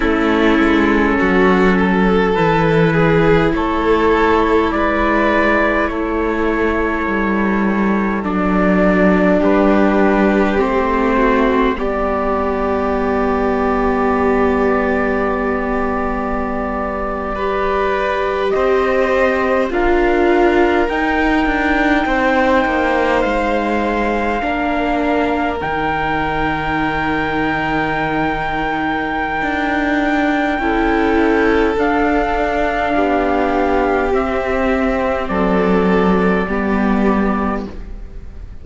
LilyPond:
<<
  \new Staff \with { instrumentName = "trumpet" } { \time 4/4 \tempo 4 = 51 a'2 b'4 cis''4 | d''4 cis''2 d''4 | b'4 c''4 d''2~ | d''2.~ d''8. dis''16~ |
dis''8. f''4 g''2 f''16~ | f''4.~ f''16 g''2~ g''16~ | g''2. f''4~ | f''4 e''4 d''2 | }
  \new Staff \with { instrumentName = "violin" } { \time 4/4 e'4 fis'8 a'4 gis'8 a'4 | b'4 a'2. | g'4. fis'8 g'2~ | g'2~ g'8. b'4 c''16~ |
c''8. ais'2 c''4~ c''16~ | c''8. ais'2.~ ais'16~ | ais'2 a'2 | g'2 a'4 g'4 | }
  \new Staff \with { instrumentName = "viola" } { \time 4/4 cis'2 e'2~ | e'2. d'4~ | d'4 c'4 b2~ | b2~ b8. g'4~ g'16~ |
g'8. f'4 dis'2~ dis'16~ | dis'8. d'4 dis'2~ dis'16~ | dis'2 e'4 d'4~ | d'4 c'2 b4 | }
  \new Staff \with { instrumentName = "cello" } { \time 4/4 a8 gis8 fis4 e4 a4 | gis4 a4 g4 fis4 | g4 a4 g2~ | g2.~ g8. c'16~ |
c'8. d'4 dis'8 d'8 c'8 ais8 gis16~ | gis8. ais4 dis2~ dis16~ | dis4 d'4 cis'4 d'4 | b4 c'4 fis4 g4 | }
>>